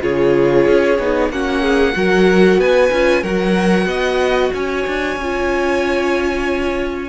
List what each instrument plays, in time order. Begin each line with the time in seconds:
0.00 cello C#3, viola F4, violin G#4 C#5
0.67 cello C#4
0.99 cello B3, viola D#4
1.30 cello A#3, viola C#4, violin F#4 F#5
1.62 violin G#4
1.93 cello F#3, viola F#4, violin A#4
2.58 cello B3, violin B4 G#5
2.92 cello C#4, viola F4
3.22 cello F#3, viola F#4, violin A#4 F#5
3.85 cello B3, violin D#5
4.53 cello C#4, violin C#5 G#5
4.87 cello D4
5.16 cello C#4, viola F4